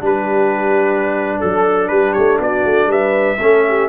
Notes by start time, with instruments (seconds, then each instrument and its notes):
0.00 tuba G3, trombone D4, horn G4, trumpet B4
1.39 tuba F#3, horn A4, trumpet A4
1.88 tuba G3, horn G4, trumpet B4
2.12 tuba A3, trumpet C#5
2.39 tuba B3, horn F#4, trumpet D5
2.65 tuba A3
2.86 tuba G3, horn B4, trumpet E5
3.40 tuba A3, trombone C#4, horn A4
3.67 horn G4